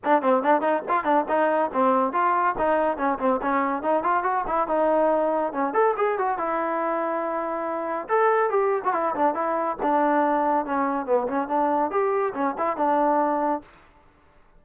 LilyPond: \new Staff \with { instrumentName = "trombone" } { \time 4/4 \tempo 4 = 141 d'8 c'8 d'8 dis'8 f'8 d'8 dis'4 | c'4 f'4 dis'4 cis'8 c'8 | cis'4 dis'8 f'8 fis'8 e'8 dis'4~ | dis'4 cis'8 a'8 gis'8 fis'8 e'4~ |
e'2. a'4 | g'8. fis'16 e'8 d'8 e'4 d'4~ | d'4 cis'4 b8 cis'8 d'4 | g'4 cis'8 e'8 d'2 | }